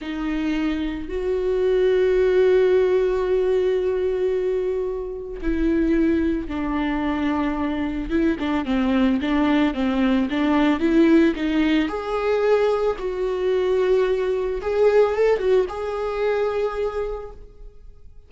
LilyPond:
\new Staff \with { instrumentName = "viola" } { \time 4/4 \tempo 4 = 111 dis'2 fis'2~ | fis'1~ | fis'2 e'2 | d'2. e'8 d'8 |
c'4 d'4 c'4 d'4 | e'4 dis'4 gis'2 | fis'2. gis'4 | a'8 fis'8 gis'2. | }